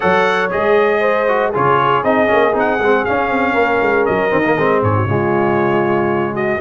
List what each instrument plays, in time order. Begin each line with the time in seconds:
0.00 tuba F#3, trombone A4, horn C#5, trumpet F#5
0.50 tuba G#3, trombone G#4, trumpet D#5
0.99 horn C5
1.28 trombone F#4
1.49 tuba C#3, trombone F4, horn G#4, trumpet C#5
2.03 tuba C4, trombone D#4, trumpet D#5
2.27 tuba A#3, trombone C#4
2.53 tuba C4, trombone D#4, trumpet F#5
2.78 tuba G#3, trombone C4
3.04 trombone C#4, tuba C#4, trumpet F5
3.29 tuba C4
3.53 tuba A#3, horn A#4
3.81 tuba G#3
4.05 tuba F#3, trumpet D#5
4.29 tuba D#3, trombone C4
4.44 trombone A#3
4.58 tuba G#3, trombone C4
4.82 tuba G#2, horn G#4, trumpet C#5
4.95 horn F#4
5.05 tuba C#3, trombone G#3, horn F4
6.34 horn F#4, trumpet D#5